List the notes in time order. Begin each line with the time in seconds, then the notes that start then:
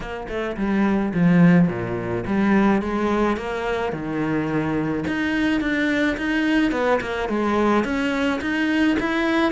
0.00 A#3
0.28 A3
0.57 G3
1.14 F3
1.68 A#2
2.26 G3
2.82 G#3
3.36 A#3
3.92 D#3
5.07 D#4
5.60 D4
6.17 D#4
6.71 B3
7.00 A#3
7.28 G#3
7.84 C#4
8.41 D#4
8.99 E4